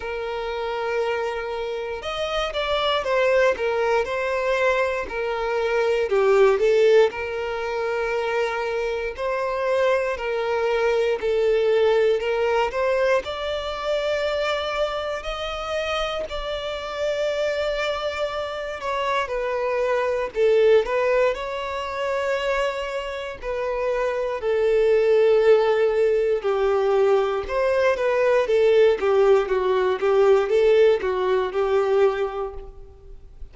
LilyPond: \new Staff \with { instrumentName = "violin" } { \time 4/4 \tempo 4 = 59 ais'2 dis''8 d''8 c''8 ais'8 | c''4 ais'4 g'8 a'8 ais'4~ | ais'4 c''4 ais'4 a'4 | ais'8 c''8 d''2 dis''4 |
d''2~ d''8 cis''8 b'4 | a'8 b'8 cis''2 b'4 | a'2 g'4 c''8 b'8 | a'8 g'8 fis'8 g'8 a'8 fis'8 g'4 | }